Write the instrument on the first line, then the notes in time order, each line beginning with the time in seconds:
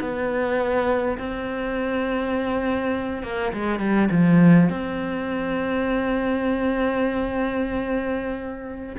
cello
0.00 B3
1.18 C4
3.23 A#3
3.53 G#3
3.79 G3
4.11 F3
4.69 C4